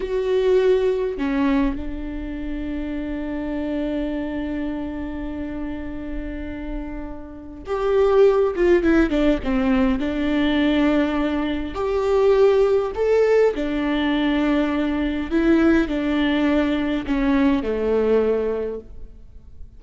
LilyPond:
\new Staff \with { instrumentName = "viola" } { \time 4/4 \tempo 4 = 102 fis'2 cis'4 d'4~ | d'1~ | d'1~ | d'4 g'4. f'8 e'8 d'8 |
c'4 d'2. | g'2 a'4 d'4~ | d'2 e'4 d'4~ | d'4 cis'4 a2 | }